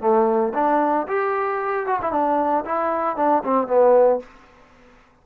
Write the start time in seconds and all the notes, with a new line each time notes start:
0.00 A3
0.54 D4
1.07 G4
1.86 F#4
2.01 E4
2.11 D4
2.65 E4
3.16 D4
3.44 C4
3.67 B3